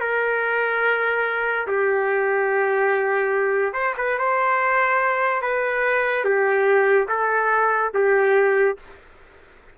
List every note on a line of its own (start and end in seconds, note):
0.00 1.67 A#4
1.67 3.73 G4
3.73 3.94 C5
3.97 4.18 B4
4.19 5.41 C5
5.41 6.24 B4
6.24 7.08 G4
7.08 7.92 A4
7.94 8.77 G4